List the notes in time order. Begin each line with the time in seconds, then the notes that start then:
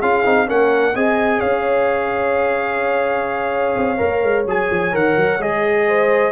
0.00 C#4 F4 G#4 F5
0.24 C4 D#4
0.47 A#3 C#4 A#4 F#5
0.95 C4 G#4 D#5 G#5
1.39 C#4 C#5 F5
3.77 C4
3.97 A#3 A#4
4.23 G#3
4.45 F#3 G#4 G#5
4.71 F3
4.92 D#3 A#4 F#5
5.16 F#3
5.38 G#3 G#4 D#5
5.87 C5